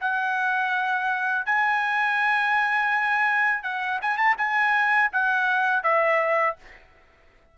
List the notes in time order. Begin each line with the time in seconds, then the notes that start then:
0.00 F#5
1.45 G#5
3.63 F#5
4.01 G#5
4.17 A5
4.37 G#5
5.12 F#5
5.83 E5